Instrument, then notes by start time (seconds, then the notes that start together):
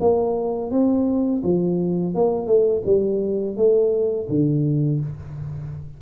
tuba
0.00 A#3
0.71 C4
1.43 F3
2.15 A#3
2.46 A3
2.85 G3
3.56 A3
4.29 D3